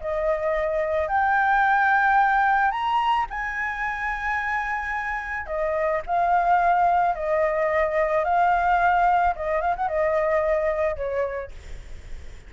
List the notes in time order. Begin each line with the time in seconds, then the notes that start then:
0.00 D#5
1.08 G5
2.71 A#5
3.30 G#5
5.46 D#5
6.06 F5
7.15 D#5
8.24 F5
9.35 D#5
9.61 F5
9.76 F#5
9.88 D#5
10.96 C#5